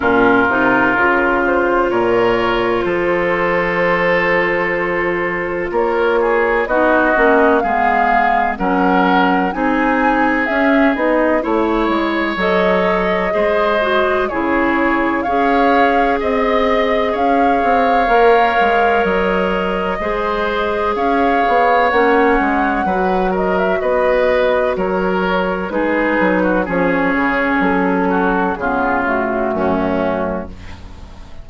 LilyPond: <<
  \new Staff \with { instrumentName = "flute" } { \time 4/4 \tempo 4 = 63 ais'4. c''8 cis''4 c''4~ | c''2 cis''4 dis''4 | f''4 fis''4 gis''4 e''8 dis''8 | cis''4 dis''2 cis''4 |
f''4 dis''4 f''2 | dis''2 f''4 fis''4~ | fis''8 dis''16 e''16 dis''4 cis''4 b'4 | cis''4 a'4 gis'8 fis'4. | }
  \new Staff \with { instrumentName = "oboe" } { \time 4/4 f'2 ais'4 a'4~ | a'2 ais'8 gis'8 fis'4 | gis'4 ais'4 gis'2 | cis''2 c''4 gis'4 |
cis''4 dis''4 cis''2~ | cis''4 c''4 cis''2 | b'8 ais'8 b'4 ais'4 gis'8. fis'16 | gis'4. fis'8 f'4 cis'4 | }
  \new Staff \with { instrumentName = "clarinet" } { \time 4/4 cis'8 dis'8 f'2.~ | f'2. dis'8 cis'8 | b4 cis'4 dis'4 cis'8 dis'8 | e'4 a'4 gis'8 fis'8 e'4 |
gis'2. ais'4~ | ais'4 gis'2 cis'4 | fis'2. dis'4 | cis'2 b8 a4. | }
  \new Staff \with { instrumentName = "bassoon" } { \time 4/4 ais,8 c8 cis4 ais,4 f4~ | f2 ais4 b8 ais8 | gis4 fis4 c'4 cis'8 b8 | a8 gis8 fis4 gis4 cis4 |
cis'4 c'4 cis'8 c'8 ais8 gis8 | fis4 gis4 cis'8 b8 ais8 gis8 | fis4 b4 fis4 gis8 fis8 | f8 cis8 fis4 cis4 fis,4 | }
>>